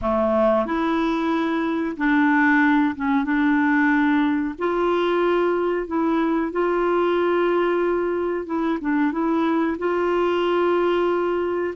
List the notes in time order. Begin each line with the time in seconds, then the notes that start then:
0.01 A3
0.66 E4
1.97 D4
2.95 C#4
3.24 D4
4.58 F4
5.87 E4
6.52 F4
8.46 E4
8.80 D4
9.12 E4
9.78 F4